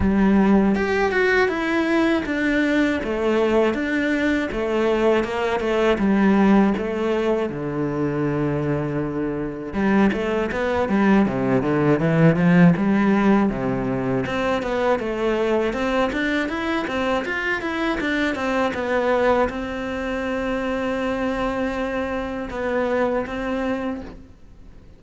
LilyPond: \new Staff \with { instrumentName = "cello" } { \time 4/4 \tempo 4 = 80 g4 g'8 fis'8 e'4 d'4 | a4 d'4 a4 ais8 a8 | g4 a4 d2~ | d4 g8 a8 b8 g8 c8 d8 |
e8 f8 g4 c4 c'8 b8 | a4 c'8 d'8 e'8 c'8 f'8 e'8 | d'8 c'8 b4 c'2~ | c'2 b4 c'4 | }